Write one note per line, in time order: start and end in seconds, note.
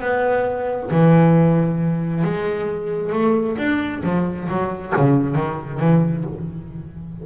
0.00 0.90 B3
0.91 2.24 E3
2.24 3.12 G#3
3.12 3.57 A3
3.57 4.02 D4
4.03 4.48 F3
4.48 4.93 F#3
4.96 5.35 C#3
5.35 5.79 D#3
5.79 6.24 E3